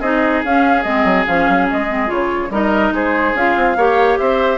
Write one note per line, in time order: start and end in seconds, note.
0.00 0.43 C4
0.00 0.45 D#4
0.00 2.50 G#4
0.00 0.43 D#5
0.45 0.85 C#4
0.45 0.83 F5
0.83 1.04 G#3
0.83 1.26 C4
0.83 1.25 D#5
1.04 1.25 F#3
1.26 1.49 F3
1.26 1.88 C#4
1.26 1.68 F5
1.49 1.70 F#3
1.70 2.10 G#3
1.70 2.11 D#5
1.88 2.07 C4
2.07 2.50 C#3
2.07 2.49 F4
2.07 2.52 C#5
2.50 2.92 G3
2.50 3.36 D#4
2.50 2.93 A#4
2.50 2.94 D#5
2.92 3.34 G#3
2.92 3.78 G#4
2.92 3.37 C5
3.35 3.56 C#4
3.35 3.78 F4
3.35 4.18 F5
3.56 3.76 C4
3.76 4.18 A#3
3.76 4.58 G4
3.76 4.19 C#5
4.18 4.58 C4
4.18 4.58 C5
4.18 4.58 E5